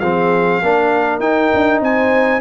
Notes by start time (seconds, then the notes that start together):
0.00 F3 C4 G#4 F5
0.62 A#3 D4 A#4
1.19 D#4 G5
1.54 D4
1.80 C4 C5 G#5